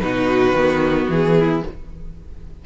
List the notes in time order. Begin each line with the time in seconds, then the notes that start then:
0.00 B2 D#4 F#4 B4
0.52 D#3 B3
1.09 E3 G#4
1.39 E4